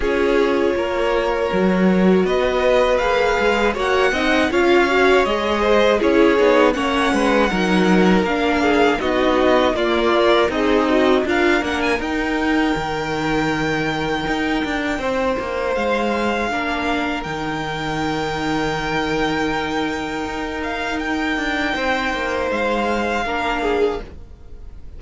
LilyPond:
<<
  \new Staff \with { instrumentName = "violin" } { \time 4/4 \tempo 4 = 80 cis''2. dis''4 | f''4 fis''4 f''4 dis''4 | cis''4 fis''2 f''4 | dis''4 d''4 dis''4 f''8 fis''16 gis''16 |
g''1~ | g''4 f''2 g''4~ | g''2.~ g''8 f''8 | g''2 f''2 | }
  \new Staff \with { instrumentName = "violin" } { \time 4/4 gis'4 ais'2 b'4~ | b'4 cis''8 dis''8 cis''4. c''8 | gis'4 cis''8 b'8 ais'4. gis'8 | fis'4 f'4 dis'4 ais'4~ |
ais'1 | c''2 ais'2~ | ais'1~ | ais'4 c''2 ais'8 gis'8 | }
  \new Staff \with { instrumentName = "viola" } { \time 4/4 f'2 fis'2 | gis'4 fis'8 dis'8 f'8 fis'8 gis'4 | e'8 dis'8 cis'4 dis'4 d'4 | dis'4 ais8 ais'8 gis'8 fis'8 f'8 d'8 |
dis'1~ | dis'2 d'4 dis'4~ | dis'1~ | dis'2. d'4 | }
  \new Staff \with { instrumentName = "cello" } { \time 4/4 cis'4 ais4 fis4 b4 | ais8 gis8 ais8 c'8 cis'4 gis4 | cis'8 b8 ais8 gis8 fis4 ais4 | b4 ais4 c'4 d'8 ais8 |
dis'4 dis2 dis'8 d'8 | c'8 ais8 gis4 ais4 dis4~ | dis2. dis'4~ | dis'8 d'8 c'8 ais8 gis4 ais4 | }
>>